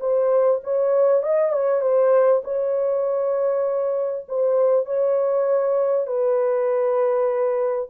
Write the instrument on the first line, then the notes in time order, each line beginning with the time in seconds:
horn
0.00 C5
0.64 C#5
1.23 D#5
1.53 C#5
1.82 C5
2.44 C#5
4.29 C5
4.86 C#5
6.07 B4